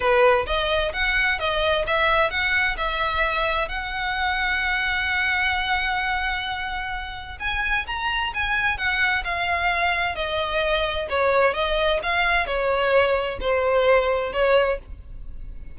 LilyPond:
\new Staff \with { instrumentName = "violin" } { \time 4/4 \tempo 4 = 130 b'4 dis''4 fis''4 dis''4 | e''4 fis''4 e''2 | fis''1~ | fis''1 |
gis''4 ais''4 gis''4 fis''4 | f''2 dis''2 | cis''4 dis''4 f''4 cis''4~ | cis''4 c''2 cis''4 | }